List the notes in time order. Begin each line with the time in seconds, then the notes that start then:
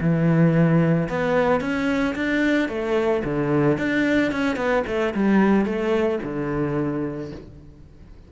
0.00 E3
1.09 B3
1.60 C#4
2.15 D4
2.68 A3
3.24 D3
3.77 D4
4.31 C#4
4.56 B3
4.86 A3
5.14 G3
5.65 A3
6.23 D3